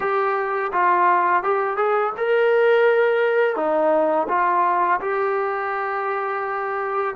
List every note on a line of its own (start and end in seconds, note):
0.00 0.71 G4
0.72 1.43 F4
1.43 1.77 G4
1.77 2.12 G#4
2.17 3.56 A#4
3.56 4.27 D#4
4.28 5.00 F4
5.01 7.15 G4